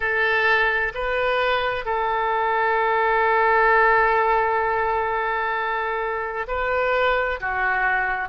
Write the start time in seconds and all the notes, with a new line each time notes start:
0.00 A4
0.94 B4
1.85 A4
6.47 B4
7.40 F#4